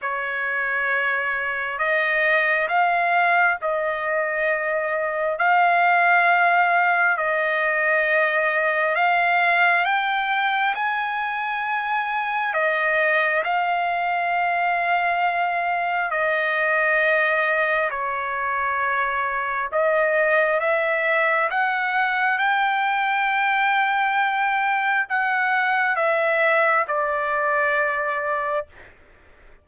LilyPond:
\new Staff \with { instrumentName = "trumpet" } { \time 4/4 \tempo 4 = 67 cis''2 dis''4 f''4 | dis''2 f''2 | dis''2 f''4 g''4 | gis''2 dis''4 f''4~ |
f''2 dis''2 | cis''2 dis''4 e''4 | fis''4 g''2. | fis''4 e''4 d''2 | }